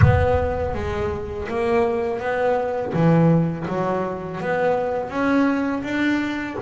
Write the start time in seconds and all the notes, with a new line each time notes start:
0.01 B3
0.74 G#3
1.48 A#3
2.20 B3
2.93 E3
3.68 F#3
4.41 B3
5.09 C#4
5.83 D4